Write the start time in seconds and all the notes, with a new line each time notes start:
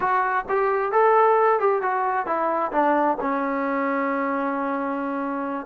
0.00 F#4
0.48 G4
0.92 A4
1.59 G4
1.82 F#4
2.26 E4
2.72 D4
3.20 C#4